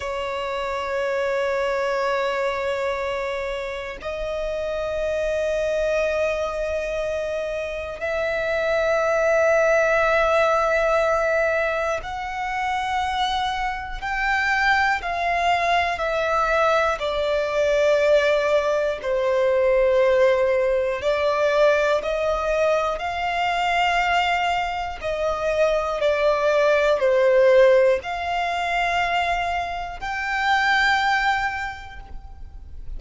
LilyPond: \new Staff \with { instrumentName = "violin" } { \time 4/4 \tempo 4 = 60 cis''1 | dis''1 | e''1 | fis''2 g''4 f''4 |
e''4 d''2 c''4~ | c''4 d''4 dis''4 f''4~ | f''4 dis''4 d''4 c''4 | f''2 g''2 | }